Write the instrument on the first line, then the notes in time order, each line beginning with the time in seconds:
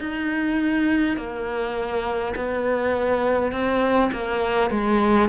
cello
0.00 D#4
1.17 A#3
2.36 B3
3.52 C4
4.12 A#3
4.71 G#3